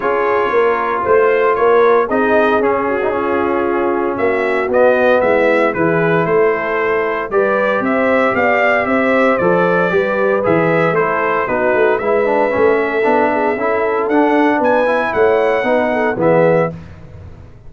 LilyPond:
<<
  \new Staff \with { instrumentName = "trumpet" } { \time 4/4 \tempo 4 = 115 cis''2 c''4 cis''4 | dis''4 gis'2. | e''4 dis''4 e''4 b'4 | c''2 d''4 e''4 |
f''4 e''4 d''2 | e''4 c''4 b'4 e''4~ | e''2. fis''4 | gis''4 fis''2 e''4 | }
  \new Staff \with { instrumentName = "horn" } { \time 4/4 gis'4 ais'4 c''4 ais'4 | gis'4. fis'8 f'2 | fis'2 e'4 gis'4 | a'2 b'4 c''4 |
d''4 c''2 b'4~ | b'4 a'4 fis'4 b'4~ | b'8 a'4 gis'8 a'2 | b'4 cis''4 b'8 a'8 gis'4 | }
  \new Staff \with { instrumentName = "trombone" } { \time 4/4 f'1 | dis'4 cis'8. dis'16 cis'2~ | cis'4 b2 e'4~ | e'2 g'2~ |
g'2 a'4 g'4 | gis'4 e'4 dis'4 e'8 d'8 | cis'4 d'4 e'4 d'4~ | d'8 e'4. dis'4 b4 | }
  \new Staff \with { instrumentName = "tuba" } { \time 4/4 cis'4 ais4 a4 ais4 | c'4 cis'2. | ais4 b4 gis4 e4 | a2 g4 c'4 |
b4 c'4 f4 g4 | e4 a4 b8 a8 gis4 | a4 b4 cis'4 d'4 | b4 a4 b4 e4 | }
>>